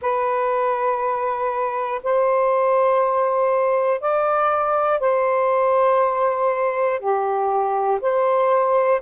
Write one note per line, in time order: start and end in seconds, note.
0.01 2.01 B4
2.03 4.00 C5
4.00 5.00 D5
5.00 6.99 C5
6.99 7.99 G4
8.00 9.00 C5